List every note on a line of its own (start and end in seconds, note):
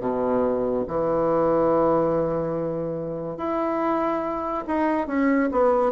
0.00 0.85 B2
0.88 3.37 E3
3.37 4.64 E4
4.67 5.07 D#4
5.07 5.49 C#4
5.52 5.92 B3